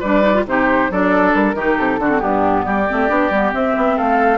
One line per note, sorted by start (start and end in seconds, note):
0.00 0.46 G3
0.00 0.22 D4
0.00 0.44 B4
0.00 0.45 D5
0.22 0.33 D#4
0.34 0.45 F4
0.46 0.90 C3
0.46 0.91 D#4
0.46 0.92 G4
0.46 0.92 C5
0.91 1.34 F#3
0.91 1.56 D4
0.91 1.56 A4
0.91 1.35 D5
1.34 1.54 G3
1.34 1.78 A#4
1.54 1.76 D#3
1.54 2.00 D#4
1.54 2.00 G4
1.78 1.99 C3
1.78 2.20 A4
1.99 2.21 D3
1.99 2.10 D4
1.99 2.22 F#4
2.10 2.19 C4
2.19 2.66 G2
2.19 2.85 B3
2.19 2.65 D4
2.19 2.63 G4
2.65 2.88 G3
2.65 3.96 G4
2.65 3.52 D5
2.88 3.09 A3
2.88 3.08 C4
3.08 3.30 B3
3.08 3.30 D4
3.30 3.52 G3
3.30 3.53 B3
3.53 4.38 C4
3.53 3.76 C4
3.53 3.98 E5
3.77 3.98 B3
3.96 4.38 A3
3.96 4.38 A4
3.96 4.38 F5